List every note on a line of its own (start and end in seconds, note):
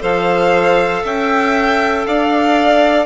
0.00 1.04 F3
0.00 3.05 A4
0.00 1.03 C5
0.00 1.05 F5
1.03 2.06 C#4
1.03 2.05 E5
1.03 2.06 G5
2.06 3.05 D4
2.06 3.05 D5
2.06 3.05 F5